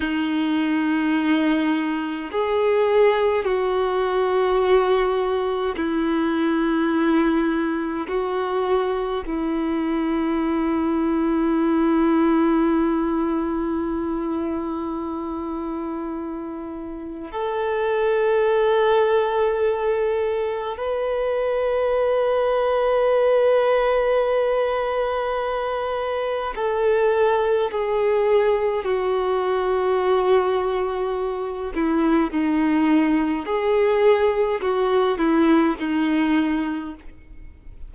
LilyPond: \new Staff \with { instrumentName = "violin" } { \time 4/4 \tempo 4 = 52 dis'2 gis'4 fis'4~ | fis'4 e'2 fis'4 | e'1~ | e'2. a'4~ |
a'2 b'2~ | b'2. a'4 | gis'4 fis'2~ fis'8 e'8 | dis'4 gis'4 fis'8 e'8 dis'4 | }